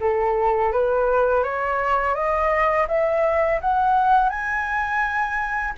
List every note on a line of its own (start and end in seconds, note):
0.00 0.72 A4
0.72 1.43 B4
1.43 2.14 C#5
2.14 2.86 D#5
2.88 3.60 E5
3.60 4.29 F#5
4.29 5.73 G#5